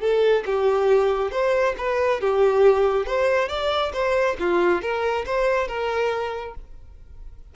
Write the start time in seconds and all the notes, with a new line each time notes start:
0.00 A4
0.46 G4
1.31 C5
1.77 B4
2.20 G4
3.06 C5
3.48 D5
3.93 C5
4.39 F4
4.81 A#4
5.25 C5
5.67 A#4